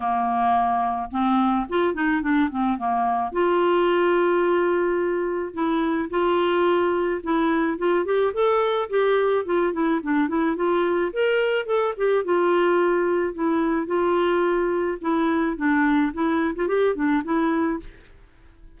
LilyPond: \new Staff \with { instrumentName = "clarinet" } { \time 4/4 \tempo 4 = 108 ais2 c'4 f'8 dis'8 | d'8 c'8 ais4 f'2~ | f'2 e'4 f'4~ | f'4 e'4 f'8 g'8 a'4 |
g'4 f'8 e'8 d'8 e'8 f'4 | ais'4 a'8 g'8 f'2 | e'4 f'2 e'4 | d'4 e'8. f'16 g'8 d'8 e'4 | }